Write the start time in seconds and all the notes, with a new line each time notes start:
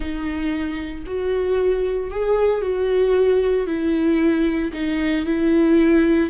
0.00 D#4
1.06 F#4
2.10 G#4
2.61 F#4
3.66 E4
4.72 D#4
5.25 E4